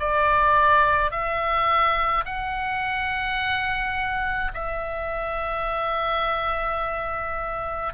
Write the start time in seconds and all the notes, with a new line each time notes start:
0.00 D5
1.12 E5
2.25 F#5
4.55 E5